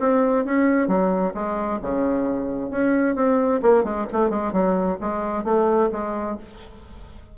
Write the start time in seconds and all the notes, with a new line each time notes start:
0.00 C4
0.45 C#4
0.88 F#3
1.35 G#3
1.82 C#3
2.71 C#4
3.16 C4
3.63 A#3
3.84 G#3
4.13 A3
4.30 G#3
4.53 F#3
5.01 G#3
5.45 A3
5.92 G#3